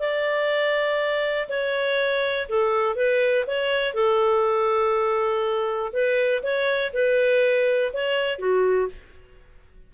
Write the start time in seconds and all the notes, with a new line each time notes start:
0.00 D5
1.49 C#5
2.49 A4
2.96 B4
3.47 C#5
3.95 A4
5.93 B4
6.43 C#5
6.94 B4
7.94 C#5
8.39 F#4